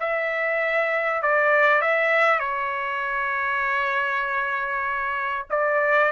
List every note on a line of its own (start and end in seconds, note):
0.00 1.22 E5
1.22 1.82 D5
1.82 2.40 E5
2.40 5.46 C#5
5.51 6.12 D5